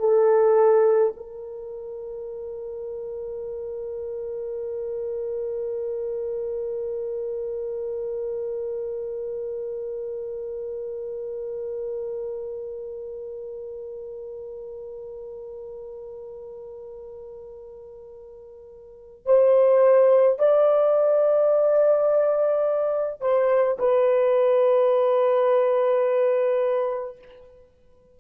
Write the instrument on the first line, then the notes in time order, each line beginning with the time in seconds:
horn
0.00 A4
1.17 A#4
19.26 C5
20.39 D5
23.21 C5
23.79 B4